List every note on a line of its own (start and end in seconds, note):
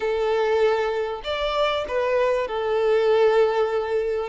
0.00 1.21 A4
1.24 1.85 D5
1.88 2.47 B4
2.47 4.29 A4